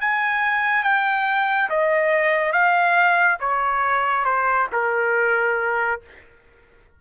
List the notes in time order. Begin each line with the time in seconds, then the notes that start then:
0.00 G#5
0.83 G5
1.69 D#5
2.52 F5
3.40 C#5
4.24 C5
4.72 A#4